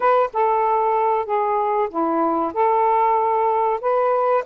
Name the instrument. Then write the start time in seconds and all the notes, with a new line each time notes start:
saxophone
0.00 B4
0.33 A4
1.25 G#4
1.89 E4
2.53 A4
3.81 B4